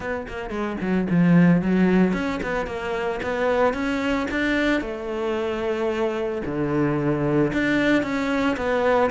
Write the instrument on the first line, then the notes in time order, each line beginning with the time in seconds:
cello
0.00 B3
0.28 A#3
0.49 G#3
0.80 F#3
1.10 F3
1.61 F#3
2.13 C#4
2.43 B3
2.66 A#3
3.22 B3
3.73 C#4
4.31 D4
4.81 A3
6.45 D3
7.53 D4
8.02 C#4
8.56 B3